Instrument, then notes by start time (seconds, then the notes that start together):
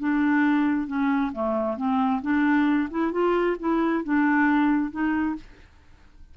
clarinet
0.00 D4
0.87 C#4
1.33 A3
1.77 C4
2.22 D4
2.90 E4
3.12 F4
3.60 E4
4.04 D4
4.91 D#4